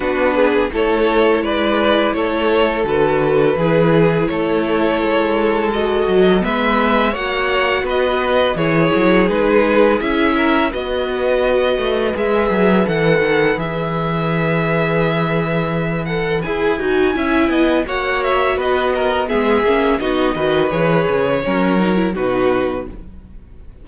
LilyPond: <<
  \new Staff \with { instrumentName = "violin" } { \time 4/4 \tempo 4 = 84 b'4 cis''4 d''4 cis''4 | b'2 cis''2 | dis''4 e''4 fis''4 dis''4 | cis''4 b'4 e''4 dis''4~ |
dis''4 e''4 fis''4 e''4~ | e''2~ e''8 fis''8 gis''4~ | gis''4 fis''8 e''8 dis''4 e''4 | dis''4 cis''2 b'4 | }
  \new Staff \with { instrumentName = "violin" } { \time 4/4 fis'8 gis'8 a'4 b'4 a'4~ | a'4 gis'4 a'2~ | a'4 b'4 cis''4 b'4 | gis'2~ gis'8 ais'8 b'4~ |
b'1~ | b'1 | e''8 dis''8 cis''4 b'8 ais'8 gis'4 | fis'8 b'4. ais'4 fis'4 | }
  \new Staff \with { instrumentName = "viola" } { \time 4/4 d'4 e'2. | fis'4 e'2. | fis'4 b4 fis'2 | e'4 dis'4 e'4 fis'4~ |
fis'4 gis'4 a'4 gis'4~ | gis'2~ gis'8 a'8 gis'8 fis'8 | e'4 fis'2 b8 cis'8 | dis'8 fis'8 gis'4 cis'8 dis'16 e'16 dis'4 | }
  \new Staff \with { instrumentName = "cello" } { \time 4/4 b4 a4 gis4 a4 | d4 e4 a4 gis4~ | gis8 fis8 gis4 ais4 b4 | e8 fis8 gis4 cis'4 b4~ |
b8 a8 gis8 fis8 e8 dis8 e4~ | e2. e'8 dis'8 | cis'8 b8 ais4 b4 gis8 ais8 | b8 dis8 e8 cis8 fis4 b,4 | }
>>